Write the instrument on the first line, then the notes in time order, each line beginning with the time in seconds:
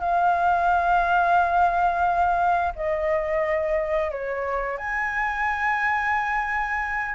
flute
0.00 F5
2.76 D#5
4.11 C#5
4.77 G#5